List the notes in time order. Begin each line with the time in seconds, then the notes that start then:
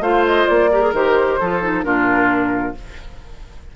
0.00 A3 F4 C5 F5
0.25 D#5
0.47 A#3 D5
0.72 G4 A#4
0.82 G#4
0.92 D#3 G4 C5
1.40 F3 F4 A4
1.62 D#4
1.83 A#2 D4 F4 A#4